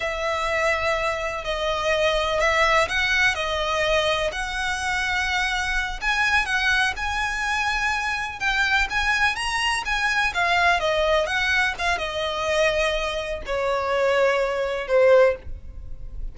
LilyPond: \new Staff \with { instrumentName = "violin" } { \time 4/4 \tempo 4 = 125 e''2. dis''4~ | dis''4 e''4 fis''4 dis''4~ | dis''4 fis''2.~ | fis''8 gis''4 fis''4 gis''4.~ |
gis''4. g''4 gis''4 ais''8~ | ais''8 gis''4 f''4 dis''4 fis''8~ | fis''8 f''8 dis''2. | cis''2. c''4 | }